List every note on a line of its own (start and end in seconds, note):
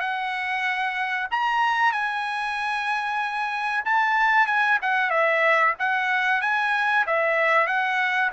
0.00 1.28 F#5
1.31 1.92 A#5
1.92 3.84 G#5
3.85 4.47 A5
4.47 4.78 G#5
4.82 5.10 F#5
5.10 5.74 E5
5.79 6.41 F#5
6.41 7.05 G#5
7.07 7.67 E5
7.67 8.31 F#5